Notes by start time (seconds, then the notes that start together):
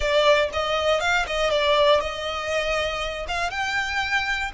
0.00 D5
0.52 D#5
1.00 F5
1.27 D#5
1.50 D5
2.00 D#5
3.28 F5
3.50 G5